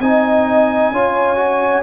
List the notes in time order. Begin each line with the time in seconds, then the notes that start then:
0.00 C4 D#4 D#5 G#5
0.92 C#4 F4 C#5
1.36 F#4